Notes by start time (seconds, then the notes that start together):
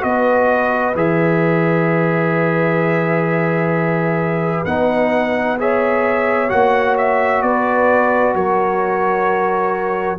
0.00 B3 F#4 B4 D#5
0.94 E3 G#4 E5
4.65 B3 D#4 F#5
5.58 G#4 C#5 E5
6.48 A#3 F#4 F#5
6.97 E5
7.42 B3 B4 D5
8.34 F#3 A#4 C#5